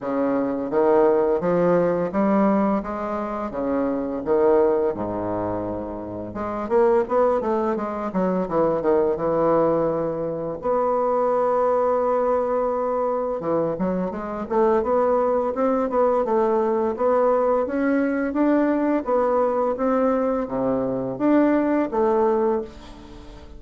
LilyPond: \new Staff \with { instrumentName = "bassoon" } { \time 4/4 \tempo 4 = 85 cis4 dis4 f4 g4 | gis4 cis4 dis4 gis,4~ | gis,4 gis8 ais8 b8 a8 gis8 fis8 | e8 dis8 e2 b4~ |
b2. e8 fis8 | gis8 a8 b4 c'8 b8 a4 | b4 cis'4 d'4 b4 | c'4 c4 d'4 a4 | }